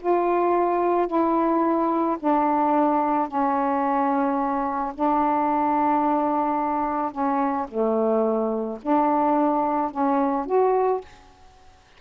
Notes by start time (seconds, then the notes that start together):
0.00 F4
1.07 E4
2.20 D4
3.28 C#4
4.95 D4
7.12 C#4
7.68 A3
8.82 D4
9.91 C#4
10.46 F#4